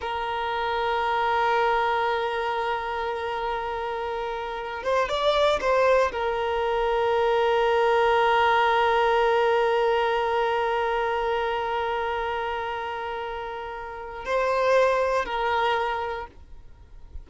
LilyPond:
\new Staff \with { instrumentName = "violin" } { \time 4/4 \tempo 4 = 118 ais'1~ | ais'1~ | ais'4. c''8 d''4 c''4 | ais'1~ |
ais'1~ | ais'1~ | ais'1 | c''2 ais'2 | }